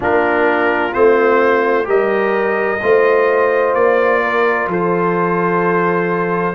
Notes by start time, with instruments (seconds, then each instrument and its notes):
0.00 tuba A#3, trombone D4, horn F4, trumpet A#4
0.92 tuba A3, trombone C4, trumpet C5
1.84 tuba G3, trombone G4, horn A#4, trumpet D#5
2.82 tuba A3, trombone F4, horn C5
3.74 tuba A#3, trumpet D5
4.22 horn A#4
4.67 tuba F3, horn A4, trumpet C5